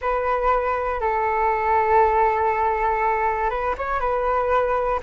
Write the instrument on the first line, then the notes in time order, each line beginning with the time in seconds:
flute
0.00 B4
1.00 A4
3.50 B4
3.77 C#5
4.00 B4